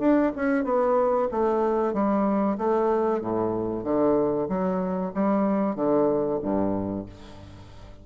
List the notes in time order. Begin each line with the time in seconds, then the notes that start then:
0.00 D4
0.36 C#4
0.65 B3
1.32 A3
1.94 G3
2.59 A3
3.21 A2
3.84 D3
4.49 F#3
5.15 G3
5.76 D3
6.43 G2